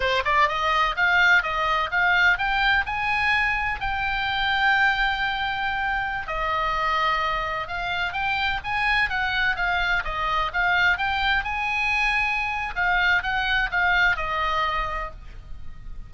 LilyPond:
\new Staff \with { instrumentName = "oboe" } { \time 4/4 \tempo 4 = 127 c''8 d''8 dis''4 f''4 dis''4 | f''4 g''4 gis''2 | g''1~ | g''4~ g''16 dis''2~ dis''8.~ |
dis''16 f''4 g''4 gis''4 fis''8.~ | fis''16 f''4 dis''4 f''4 g''8.~ | g''16 gis''2~ gis''8. f''4 | fis''4 f''4 dis''2 | }